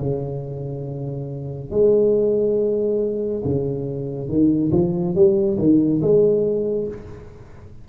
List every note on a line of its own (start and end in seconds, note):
0.00 1.71 C#3
1.71 3.42 G#3
3.45 4.29 C#3
4.29 4.72 D#3
4.72 5.15 F3
5.15 5.58 G3
5.58 6.01 D#3
6.02 6.88 G#3